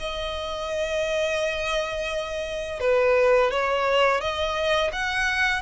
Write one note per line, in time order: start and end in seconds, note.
0.00 2.80 D#5
2.80 3.51 B4
3.51 4.21 C#5
4.21 4.92 D#5
4.93 5.62 F#5